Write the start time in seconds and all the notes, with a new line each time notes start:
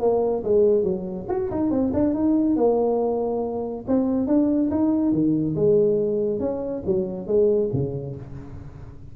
0.00 A#3
0.44 G#3
0.83 F#3
1.28 F#4
1.50 D#4
1.70 C4
1.93 D4
2.14 D#4
2.56 A#3
3.87 C4
4.27 D4
4.70 D#4
5.12 D#3
5.55 G#3
6.40 C#4
6.86 F#3
7.27 G#3
7.73 C#3